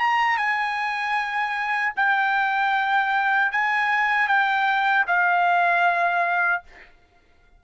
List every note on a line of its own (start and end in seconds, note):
0.00 0.38 A#5
0.38 1.94 G#5
1.97 3.52 G5
3.52 4.28 G#5
4.28 5.06 G5
5.08 6.63 F5